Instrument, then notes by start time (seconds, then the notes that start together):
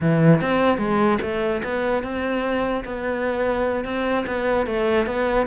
cello
0.00 E3
0.41 C4
0.78 G#3
1.21 A3
1.63 B3
2.03 C4
2.85 B3
3.84 C4
4.26 B3
4.66 A3
5.06 B3